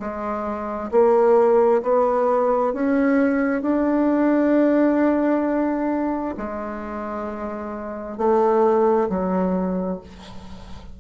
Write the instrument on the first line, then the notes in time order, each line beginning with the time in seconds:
bassoon
0.00 G#3
0.92 A#3
1.83 B3
2.74 C#4
3.63 D4
6.38 G#3
8.18 A3
9.10 F#3